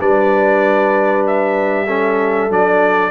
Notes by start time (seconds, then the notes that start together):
0.00 G3 D4 B4 D5
1.27 E5
1.87 C#4 A4
2.50 F#3 D4 D5